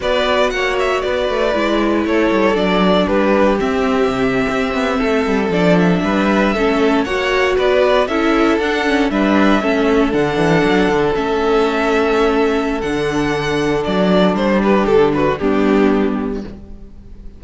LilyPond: <<
  \new Staff \with { instrumentName = "violin" } { \time 4/4 \tempo 4 = 117 d''4 fis''8 e''8 d''2 | cis''4 d''4 b'4 e''4~ | e''2~ e''8. d''8 e''8.~ | e''4.~ e''16 fis''4 d''4 e''16~ |
e''8. fis''4 e''2 fis''16~ | fis''4.~ fis''16 e''2~ e''16~ | e''4 fis''2 d''4 | c''8 b'8 a'8 b'8 g'2 | }
  \new Staff \with { instrumentName = "violin" } { \time 4/4 b'4 cis''4 b'2 | a'2 g'2~ | g'4.~ g'16 a'2 b'16~ | b'8. a'4 cis''4 b'4 a'16~ |
a'4.~ a'16 b'4 a'4~ a'16~ | a'1~ | a'1~ | a'8 g'4 fis'8 d'2 | }
  \new Staff \with { instrumentName = "viola" } { \time 4/4 fis'2. e'4~ | e'4 d'2 c'4~ | c'2~ c'8. d'4~ d'16~ | d'8. cis'4 fis'2 e'16~ |
e'8. d'8 cis'8 d'4 cis'4 d'16~ | d'4.~ d'16 cis'2~ cis'16~ | cis'4 d'2.~ | d'2 b2 | }
  \new Staff \with { instrumentName = "cello" } { \time 4/4 b4 ais4 b8 a8 gis4 | a8 g8 fis4 g4 c'4 | c8. c'8 b8 a8 g8 f4 g16~ | g8. a4 ais4 b4 cis'16~ |
cis'8. d'4 g4 a4 d16~ | d16 e8 fis8 d8 a2~ a16~ | a4 d2 fis4 | g4 d4 g2 | }
>>